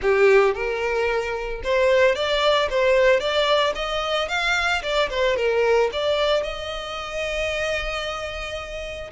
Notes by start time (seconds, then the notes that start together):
0.02 G4
0.54 A#4
1.63 C5
2.15 D5
2.70 C5
3.19 D5
3.75 D#5
4.28 F5
4.82 D5
5.09 C5
5.36 A#4
5.92 D5
6.42 D#5